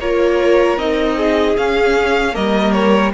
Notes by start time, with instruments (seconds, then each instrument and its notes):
0.00 cello A#3, viola F4, violin A#4 C#5
0.78 cello C4, viola D#4, violin D#5
1.17 violin G#4
1.57 cello C#4, viola C#4, violin F5
2.34 cello G3, viola A#3, violin A#4 D#5
2.73 violin C#5